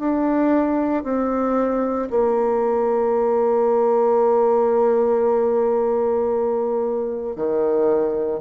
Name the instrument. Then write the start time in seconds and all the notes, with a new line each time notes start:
bassoon
0.00 D4
1.04 C4
2.11 A#3
7.36 D#3